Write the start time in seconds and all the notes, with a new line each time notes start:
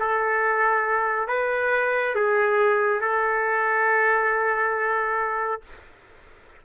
0.00 A4
1.28 B4
2.15 G#4
3.01 A4